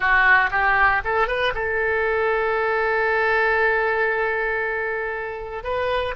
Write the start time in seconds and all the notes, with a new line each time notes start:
0.00 F#4
0.50 G4
1.04 A4
1.27 B4
1.54 A4
5.63 B4